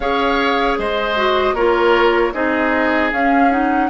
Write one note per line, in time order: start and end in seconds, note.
0.00 0.78 C#4
0.00 1.16 G#4
0.00 0.78 C#5
0.00 0.78 F5
0.78 1.53 G#3
0.78 1.55 C5
0.78 1.55 D#5
1.16 1.55 F#4
1.53 2.31 A#3
1.53 2.33 F4
1.53 2.32 A#4
1.53 2.33 C#5
2.33 3.12 C4
2.33 3.11 D#4
2.33 3.89 G#4
2.33 3.11 D#5
3.12 3.90 C#4
3.12 3.50 C#4
3.12 3.51 F5
3.50 3.89 D#4
3.50 3.90 F#5